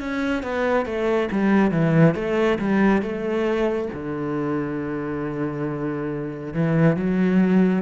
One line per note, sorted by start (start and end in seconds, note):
0.00 0.43 C#4
0.43 0.85 B3
0.85 1.29 A3
1.32 1.71 G3
1.71 2.15 E3
2.15 2.58 A3
2.58 3.02 G3
3.02 3.89 A3
3.93 6.54 D3
6.54 6.96 E3
6.96 7.82 F#3